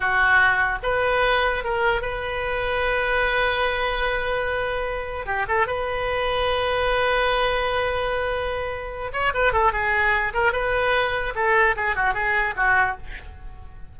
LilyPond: \new Staff \with { instrumentName = "oboe" } { \time 4/4 \tempo 4 = 148 fis'2 b'2 | ais'4 b'2.~ | b'1~ | b'4 g'8 a'8 b'2~ |
b'1~ | b'2~ b'8 cis''8 b'8 a'8 | gis'4. ais'8 b'2 | a'4 gis'8 fis'8 gis'4 fis'4 | }